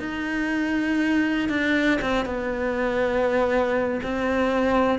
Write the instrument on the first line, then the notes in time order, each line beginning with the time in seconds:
cello
0.00 D#4
1.49 D4
2.01 C4
2.25 B3
4.03 C4